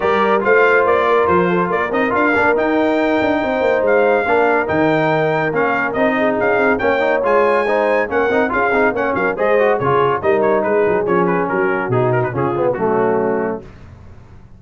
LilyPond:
<<
  \new Staff \with { instrumentName = "trumpet" } { \time 4/4 \tempo 4 = 141 d''4 f''4 d''4 c''4 | d''8 dis''8 f''4 g''2~ | g''4 f''2 g''4~ | g''4 f''4 dis''4 f''4 |
g''4 gis''2 fis''4 | f''4 fis''8 f''8 dis''4 cis''4 | dis''8 cis''8 b'4 cis''8 b'8 ais'4 | gis'8 ais'16 b'16 gis'4 fis'2 | }
  \new Staff \with { instrumentName = "horn" } { \time 4/4 ais'4 c''4. ais'4 a'8 | ais'1 | c''2 ais'2~ | ais'2~ ais'8 gis'4. |
cis''2 c''4 ais'4 | gis'4 cis''8 ais'8 c''4 gis'4 | ais'4 gis'2 fis'4~ | fis'4 f'4 cis'2 | }
  \new Staff \with { instrumentName = "trombone" } { \time 4/4 g'4 f'2.~ | f'8 dis'8 f'8 d'8 dis'2~ | dis'2 d'4 dis'4~ | dis'4 cis'4 dis'2 |
cis'8 dis'8 f'4 dis'4 cis'8 dis'8 | f'8 dis'8 cis'4 gis'8 fis'8 f'4 | dis'2 cis'2 | dis'4 cis'8 b8 a2 | }
  \new Staff \with { instrumentName = "tuba" } { \time 4/4 g4 a4 ais4 f4 | ais8 c'8 d'8 ais8 dis'4. d'8 | c'8 ais8 gis4 ais4 dis4~ | dis4 ais4 c'4 cis'8 c'8 |
ais4 gis2 ais8 c'8 | cis'8 c'8 ais8 fis8 gis4 cis4 | g4 gis8 fis8 f4 fis4 | b,4 cis4 fis2 | }
>>